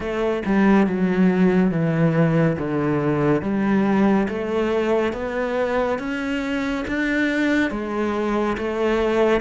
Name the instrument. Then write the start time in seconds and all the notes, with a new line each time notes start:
cello
0.00 A3
0.45 G3
0.86 F#3
1.71 E3
2.58 D3
3.41 G3
4.28 A3
5.12 B3
5.98 C#4
6.87 D4
7.71 G#3
8.57 A3